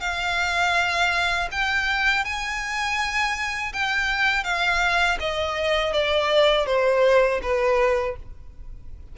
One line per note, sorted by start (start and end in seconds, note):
0.00 1.48 F5
1.51 2.24 G5
2.24 3.72 G#5
3.73 4.43 G5
4.43 5.18 F5
5.19 5.93 D#5
5.93 6.66 D5
6.66 7.40 C5
7.42 8.16 B4